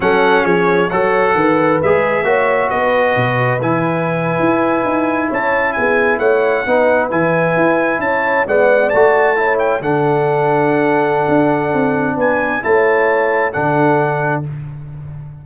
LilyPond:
<<
  \new Staff \with { instrumentName = "trumpet" } { \time 4/4 \tempo 4 = 133 fis''4 cis''4 fis''2 | e''2 dis''2 | gis''2.~ gis''8. a''16~ | a''8. gis''4 fis''2 gis''16~ |
gis''4.~ gis''16 a''4 fis''4 a''16~ | a''4~ a''16 g''8 fis''2~ fis''16~ | fis''2. gis''4 | a''2 fis''2 | }
  \new Staff \with { instrumentName = "horn" } { \time 4/4 a'4 gis'4 cis''4 b'4~ | b'4 cis''4 b'2~ | b'2.~ b'8. cis''16~ | cis''8. gis'4 cis''4 b'4~ b'16~ |
b'4.~ b'16 cis''4 d''4~ d''16~ | d''8. cis''4 a'2~ a'16~ | a'2. b'4 | cis''2 a'2 | }
  \new Staff \with { instrumentName = "trombone" } { \time 4/4 cis'2 a'2 | gis'4 fis'2. | e'1~ | e'2~ e'8. dis'4 e'16~ |
e'2~ e'8. b4 fis'16~ | fis'8. e'4 d'2~ d'16~ | d'1 | e'2 d'2 | }
  \new Staff \with { instrumentName = "tuba" } { \time 4/4 fis4 f4 fis4 dis4 | gis4 ais4 b4 b,4 | e4.~ e16 e'4 dis'4 cis'16~ | cis'8. b4 a4 b4 e16~ |
e8. e'4 cis'4 gis4 a16~ | a4.~ a16 d2~ d16~ | d4 d'4 c'4 b4 | a2 d2 | }
>>